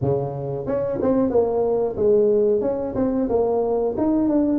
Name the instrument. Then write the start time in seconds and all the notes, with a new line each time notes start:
tuba
0.01 C#3
0.66 C#4
1.01 C4
1.30 A#3
1.96 G#3
2.61 C#4
2.95 C4
3.29 A#3
3.97 D#4
4.29 D4